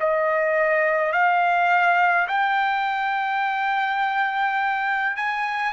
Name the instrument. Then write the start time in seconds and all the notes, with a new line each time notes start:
trumpet
0.00 D#5
1.13 F5
2.28 G5
5.17 G#5